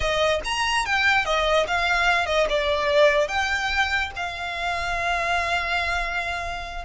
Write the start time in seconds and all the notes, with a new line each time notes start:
0.00 D#5
0.44 A#5
0.85 G5
1.25 D#5
1.67 F5
2.26 D#5
2.49 D5
3.27 G5
4.15 F5